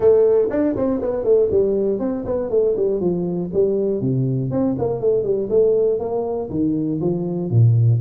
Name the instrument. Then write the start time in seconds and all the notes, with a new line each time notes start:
tuba
0.00 A3
0.50 D4
0.75 C4
1.01 B3
1.24 A3
1.50 G3
1.99 C4
2.25 B3
2.50 A3
2.76 G3
3.00 F3
3.53 G3
4.00 C3
4.50 C4
4.78 A#3
5.00 A3
5.23 G3
5.49 A3
5.99 A#3
6.50 D#3
7.00 F3
7.50 A#2